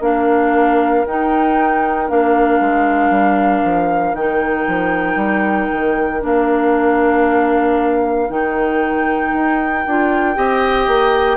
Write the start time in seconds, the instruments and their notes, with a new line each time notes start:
0.00 bassoon A#3, clarinet D4, oboe A#4, flute F5
1.06 bassoon D#4, clarinet D#4, flute G5
2.08 bassoon A#3, clarinet D4, flute F5
2.60 bassoon G#3
3.10 bassoon G3
3.64 bassoon F3
4.13 bassoon D#3, clarinet D#4, flute G5
4.67 bassoon F3
5.16 bassoon G3
5.72 bassoon D#3
6.20 bassoon A#3, clarinet D4, flute F5
8.29 bassoon D#3, clarinet D#4, flute G5
9.33 bassoon D#4
9.87 bassoon D4, clarinet F4
10.34 bassoon C4, clarinet G4, oboe D#5
10.87 bassoon A#3